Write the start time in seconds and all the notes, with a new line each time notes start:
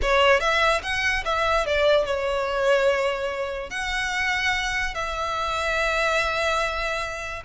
0.02 C#5
0.39 E5
0.82 F#5
1.24 E5
1.66 D5
2.05 C#5
3.70 F#5
4.94 E5